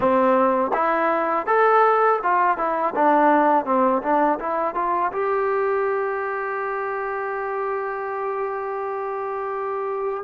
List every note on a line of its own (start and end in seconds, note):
0.00 0.71 C4
0.73 1.46 E4
1.46 2.20 A4
2.23 2.57 F4
2.57 2.94 E4
2.95 3.65 D4
3.65 4.01 C4
4.02 4.39 D4
4.39 4.75 E4
4.75 5.11 F4
5.12 10.24 G4